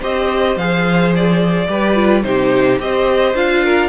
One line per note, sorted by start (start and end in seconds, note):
0.00 0.56 C4
0.00 0.57 G4
0.00 1.67 C5
0.00 0.57 D#5
0.56 1.67 F3
0.56 1.68 G#4
0.56 1.13 F5
1.15 2.23 D5
1.68 2.24 G3
1.68 1.95 G4
1.68 2.24 B4
1.95 2.23 F4
2.23 2.79 C3
2.23 2.79 D#4
2.23 2.82 G4
2.23 2.78 C5
2.79 3.34 C4
2.79 3.34 G4
2.79 3.64 C5
2.79 3.35 D#5
3.34 3.89 D4
3.34 3.89 F4
3.34 3.89 F5
3.64 3.89 A#4